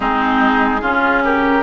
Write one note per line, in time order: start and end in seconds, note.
0.00 0.81 G#3
0.00 0.81 C4
0.00 0.81 D#4
0.00 1.23 G#4
0.81 1.63 C#3
0.81 1.63 C#4
0.81 1.22 F4
1.24 1.63 G4
1.24 1.63 A#4